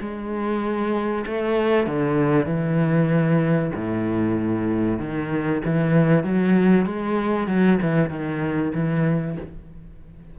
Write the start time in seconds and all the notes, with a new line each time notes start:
0.00 G#3
1.26 A3
1.87 D3
2.46 E3
3.75 A2
4.99 D#3
5.65 E3
6.24 F#3
6.86 G#3
7.48 F#3
7.82 E3
8.10 D#3
8.74 E3